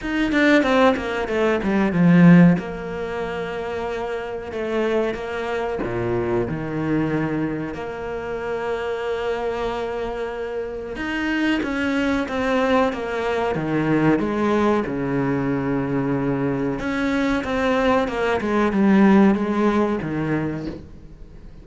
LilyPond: \new Staff \with { instrumentName = "cello" } { \time 4/4 \tempo 4 = 93 dis'8 d'8 c'8 ais8 a8 g8 f4 | ais2. a4 | ais4 ais,4 dis2 | ais1~ |
ais4 dis'4 cis'4 c'4 | ais4 dis4 gis4 cis4~ | cis2 cis'4 c'4 | ais8 gis8 g4 gis4 dis4 | }